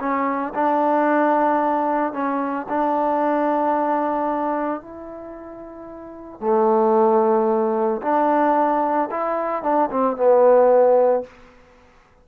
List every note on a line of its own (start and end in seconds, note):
0.00 0.54 C#4
0.55 2.13 D4
2.13 2.67 C#4
2.69 4.81 D4
4.81 6.41 E4
6.41 8.01 A3
8.02 9.09 D4
9.11 9.63 E4
9.63 9.90 D4
9.91 10.17 C4
10.17 11.24 B3